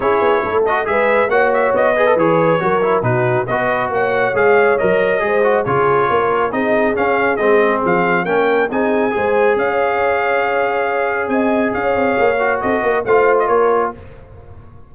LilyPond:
<<
  \new Staff \with { instrumentName = "trumpet" } { \time 4/4 \tempo 4 = 138 cis''4. dis''8 e''4 fis''8 e''8 | dis''4 cis''2 b'4 | dis''4 fis''4 f''4 dis''4~ | dis''4 cis''2 dis''4 |
f''4 dis''4 f''4 g''4 | gis''2 f''2~ | f''2 gis''4 f''4~ | f''4 dis''4 f''8. dis''16 cis''4 | }
  \new Staff \with { instrumentName = "horn" } { \time 4/4 gis'4 a'4 b'4 cis''4~ | cis''8 b'4. ais'4 fis'4 | b'4 cis''2. | c''4 gis'4 ais'4 gis'4~ |
gis'2. ais'4 | gis'4 c''4 cis''2~ | cis''2 dis''4 cis''4~ | cis''4 a'8 ais'8 c''4 ais'4 | }
  \new Staff \with { instrumentName = "trombone" } { \time 4/4 e'4. fis'8 gis'4 fis'4~ | fis'8 gis'16 a'16 gis'4 fis'8 e'8 dis'4 | fis'2 gis'4 ais'4 | gis'8 fis'8 f'2 dis'4 |
cis'4 c'2 cis'4 | dis'4 gis'2.~ | gis'1~ | gis'8 fis'4. f'2 | }
  \new Staff \with { instrumentName = "tuba" } { \time 4/4 cis'8 b8 a4 gis4 ais4 | b4 e4 fis4 b,4 | b4 ais4 gis4 fis4 | gis4 cis4 ais4 c'4 |
cis'4 gis4 f4 ais4 | c'4 gis4 cis'2~ | cis'2 c'4 cis'8 c'8 | ais4 c'8 ais8 a4 ais4 | }
>>